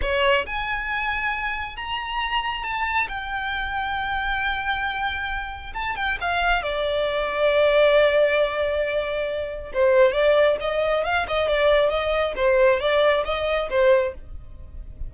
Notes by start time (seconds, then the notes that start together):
0.01 C#5
0.46 G#5
1.76 A#5
2.63 A5
3.08 G5
5.74 A5
5.96 G5
6.20 F5
6.63 D5
9.73 C5
10.12 D5
10.60 D#5
11.04 F5
11.27 D#5
11.48 D5
11.89 D#5
12.35 C5
12.80 D5
13.24 D#5
13.70 C5